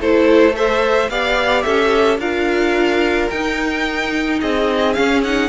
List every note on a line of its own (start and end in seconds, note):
0.00 1.10 A3
0.00 0.53 E4
0.00 0.56 A4
0.00 0.56 C5
0.53 1.08 A4
0.53 1.11 C5
0.53 1.10 E5
1.10 1.65 B3
1.10 2.20 G4
1.10 1.65 D5
1.10 1.63 F5
1.63 2.18 C#4
1.63 2.20 A4
1.63 2.18 E5
2.18 3.29 D4
2.18 3.30 F4
2.18 4.40 A#4
2.18 3.30 F5
3.30 4.42 D#4
3.30 4.96 D#4
3.30 4.40 G5
4.41 4.98 C4
4.41 5.49 G#4
4.41 4.94 D#5
4.94 5.24 C#4
4.94 5.49 C#4
4.94 5.21 F5
5.24 5.49 D#4
5.24 5.49 F#5